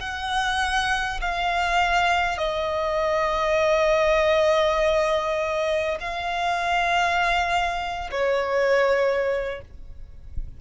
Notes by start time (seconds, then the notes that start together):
0.00 F#5
1.21 F5
2.38 D#5
6.00 F5
8.11 C#5